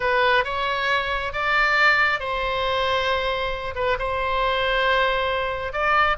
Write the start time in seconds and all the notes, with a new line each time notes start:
0.00 B4
0.44 C#5
1.32 D5
2.19 C5
3.75 B4
3.98 C5
5.72 D5